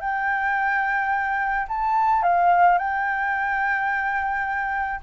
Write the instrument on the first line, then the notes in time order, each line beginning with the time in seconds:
flute
0.00 G5
1.68 A5
2.22 F5
2.78 G5